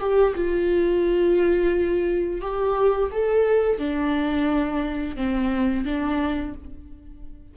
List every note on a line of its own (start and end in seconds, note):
0.00 0.34 G4
0.35 2.42 F4
2.42 3.11 G4
3.12 3.79 A4
3.79 5.16 D4
5.16 5.85 C4
5.85 6.54 D4